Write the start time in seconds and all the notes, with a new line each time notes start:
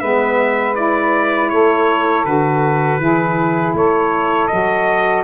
0.00 G#3 B3 B4 E5
0.75 E4 D5
1.50 A3 A4 C#5
2.25 D3 F#4 B4
2.99 E3 E4 G#4
3.74 A3 A4 C#5
4.48 F#3 F#4 D#5